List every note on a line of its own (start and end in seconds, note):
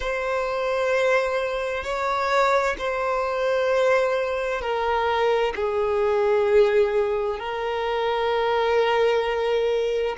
0.00 1.83 C5
1.83 2.76 C#5
2.78 4.61 C5
4.61 5.53 A#4
5.55 7.38 G#4
7.38 10.15 A#4